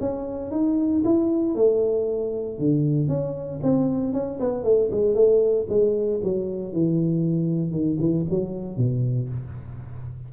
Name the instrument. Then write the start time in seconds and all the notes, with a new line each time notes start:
tuba
0.00 C#4
0.51 D#4
1.04 E4
1.55 A3
2.58 D3
3.08 C#4
3.63 C4
4.13 C#4
4.40 B3
4.64 A3
4.91 G#3
5.14 A3
5.68 G#3
6.23 F#3
6.72 E3
7.71 D#3
7.99 E3
8.30 F#3
8.77 B2